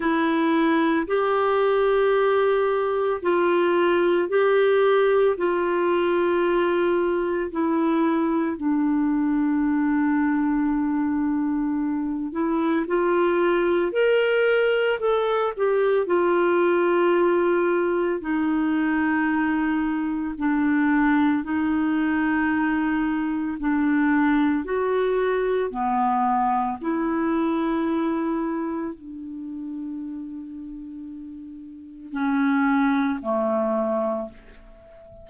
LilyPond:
\new Staff \with { instrumentName = "clarinet" } { \time 4/4 \tempo 4 = 56 e'4 g'2 f'4 | g'4 f'2 e'4 | d'2.~ d'8 e'8 | f'4 ais'4 a'8 g'8 f'4~ |
f'4 dis'2 d'4 | dis'2 d'4 fis'4 | b4 e'2 d'4~ | d'2 cis'4 a4 | }